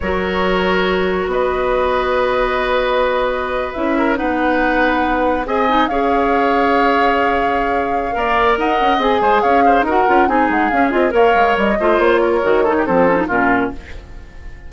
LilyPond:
<<
  \new Staff \with { instrumentName = "flute" } { \time 4/4 \tempo 4 = 140 cis''2. dis''4~ | dis''1~ | dis''8. e''4 fis''2~ fis''16~ | fis''8. gis''4 f''2~ f''16~ |
f''1 | fis''4 gis''4 f''4 fis''4 | gis''8 fis''8 f''8 dis''8 f''4 dis''4 | cis''2 c''4 ais'4 | }
  \new Staff \with { instrumentName = "oboe" } { \time 4/4 ais'2. b'4~ | b'1~ | b'4~ b'16 ais'8 b'2~ b'16~ | b'8. dis''4 cis''2~ cis''16~ |
cis''2. d''4 | dis''4. c''8 cis''8 c''8 ais'4 | gis'2 cis''4. c''8~ | c''8 ais'4 a'16 g'16 a'4 f'4 | }
  \new Staff \with { instrumentName = "clarinet" } { \time 4/4 fis'1~ | fis'1~ | fis'8. e'4 dis'2~ dis'16~ | dis'8. gis'8 dis'8 gis'2~ gis'16~ |
gis'2. ais'4~ | ais'4 gis'2 fis'8 f'8 | dis'4 cis'8 f'8 ais'4. f'8~ | f'4 fis'8 dis'8 c'8 cis'16 dis'16 cis'4 | }
  \new Staff \with { instrumentName = "bassoon" } { \time 4/4 fis2. b4~ | b1~ | b8. cis'4 b2~ b16~ | b8. c'4 cis'2~ cis'16~ |
cis'2. ais4 | dis'8 cis'8 c'8 gis8 cis'4 dis'8 cis'8 | c'8 gis8 cis'8 c'8 ais8 gis8 g8 a8 | ais4 dis4 f4 ais,4 | }
>>